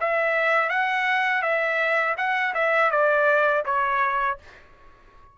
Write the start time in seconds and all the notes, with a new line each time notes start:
0.00 E5
0.69 F#5
1.42 E5
2.17 F#5
2.54 E5
2.91 D5
3.65 C#5